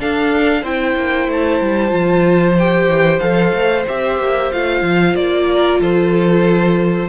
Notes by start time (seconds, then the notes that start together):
0.00 D4 A4 F5
0.62 C4 E4 C5 G5
0.96 A#3
1.28 A3 A5
1.62 G3
1.90 F3 F4
2.59 G4 G5
2.88 E3
3.20 F3 A4 F5
3.53 A3
3.88 C4 G4 E5
4.19 A#3
4.53 A3 F4 F5
4.82 F3
5.16 A#3 D5
5.51 A#4
5.80 F3 A4 C5